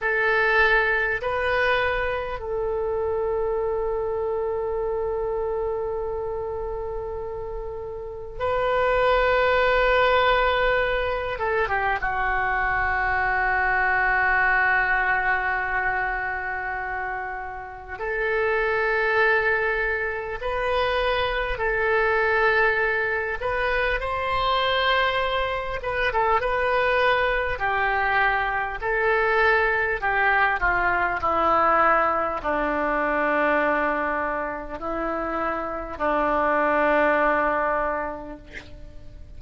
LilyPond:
\new Staff \with { instrumentName = "oboe" } { \time 4/4 \tempo 4 = 50 a'4 b'4 a'2~ | a'2. b'4~ | b'4. a'16 g'16 fis'2~ | fis'2. a'4~ |
a'4 b'4 a'4. b'8 | c''4. b'16 a'16 b'4 g'4 | a'4 g'8 f'8 e'4 d'4~ | d'4 e'4 d'2 | }